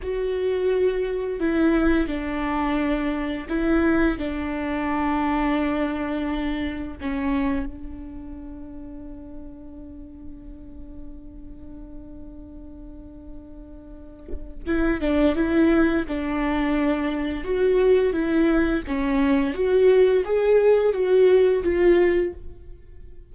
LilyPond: \new Staff \with { instrumentName = "viola" } { \time 4/4 \tempo 4 = 86 fis'2 e'4 d'4~ | d'4 e'4 d'2~ | d'2 cis'4 d'4~ | d'1~ |
d'1~ | d'4 e'8 d'8 e'4 d'4~ | d'4 fis'4 e'4 cis'4 | fis'4 gis'4 fis'4 f'4 | }